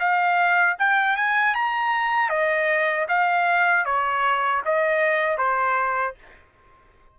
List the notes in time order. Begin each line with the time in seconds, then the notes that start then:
0.00 F5
0.79 G5
1.17 G#5
1.55 A#5
2.30 D#5
3.09 F5
3.86 C#5
4.66 D#5
5.38 C5